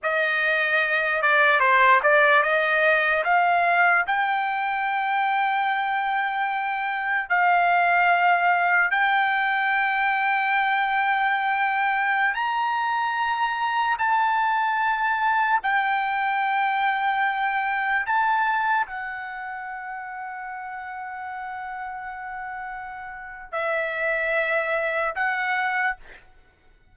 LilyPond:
\new Staff \with { instrumentName = "trumpet" } { \time 4/4 \tempo 4 = 74 dis''4. d''8 c''8 d''8 dis''4 | f''4 g''2.~ | g''4 f''2 g''4~ | g''2.~ g''16 ais''8.~ |
ais''4~ ais''16 a''2 g''8.~ | g''2~ g''16 a''4 fis''8.~ | fis''1~ | fis''4 e''2 fis''4 | }